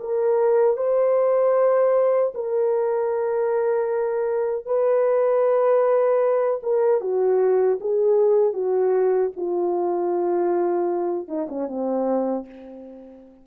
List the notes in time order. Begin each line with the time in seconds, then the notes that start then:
0.00 A#4
0.77 C5
2.34 A#4
4.66 B4
6.63 A#4
7.01 F#4
7.81 G#4
8.54 F#4
9.36 F4
11.28 D#4
11.49 C#4
11.68 C4